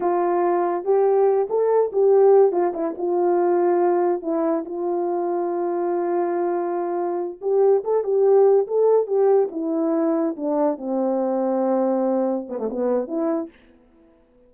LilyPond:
\new Staff \with { instrumentName = "horn" } { \time 4/4 \tempo 4 = 142 f'2 g'4. a'8~ | a'8 g'4. f'8 e'8 f'4~ | f'2 e'4 f'4~ | f'1~ |
f'4. g'4 a'8 g'4~ | g'8 a'4 g'4 e'4.~ | e'8 d'4 c'2~ c'8~ | c'4. b16 a16 b4 e'4 | }